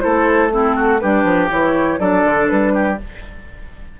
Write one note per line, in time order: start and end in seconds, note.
0.00 1.03 A3
0.00 0.50 E4
0.00 0.52 A4
0.00 0.49 C5
0.50 0.99 C4
0.50 0.76 E4
0.50 0.99 A4
0.76 1.00 F#4
0.99 1.24 G3
0.99 1.49 D4
0.99 1.99 G4
0.99 1.48 B4
1.24 1.49 F3
1.49 1.99 E3
1.49 1.99 E4
1.49 1.99 C#5
1.99 2.24 F#3
1.99 2.97 D4
1.99 2.73 A4
1.99 2.48 D5
2.24 2.49 D3
2.48 3.00 G3
2.48 2.98 B4
2.74 2.98 G4